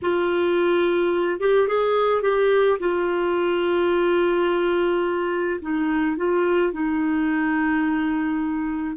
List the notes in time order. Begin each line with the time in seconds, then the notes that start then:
0.02 F4
1.40 G4
1.68 G#4
2.22 G4
2.79 F4
5.61 D#4
6.16 F4
6.72 D#4